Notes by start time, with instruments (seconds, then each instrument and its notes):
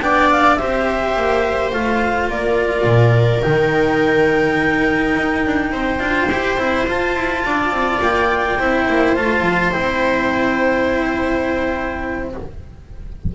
0.00 double bass B3, cello D4, viola D5, clarinet G5
0.31 clarinet F5
0.56 double bass C4, cello G4, viola C5, clarinet E5
1.17 double bass A#3
1.73 double bass A3, cello F4, clarinet F5
2.29 double bass A#3, viola A#4, clarinet D5
2.84 double bass A#2
3.42 double bass D#3, cello D#4, clarinet G5
5.17 double bass D#4
5.46 double bass D4
5.72 double bass C4, viola C5
6.00 double bass D4, cello F4
6.31 double bass E4, cello G4
6.58 double bass C4, cello E4
6.87 cello F4, double bass F4, clarinet A5
7.16 double bass E4
7.46 double bass D4, viola D5
7.71 double bass C4
8.02 double bass A#3, clarinet G5
8.59 double bass C4, cello E4, viola C5
8.89 double bass A#3
9.15 double bass A3, cello F4, clarinet A5
9.42 double bass F3
9.72 double bass C4, cello E4, clarinet G5